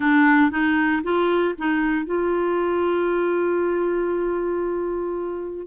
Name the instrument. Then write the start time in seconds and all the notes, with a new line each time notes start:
clarinet
0.00 D4
0.50 D#4
1.03 F4
1.58 D#4
2.05 F4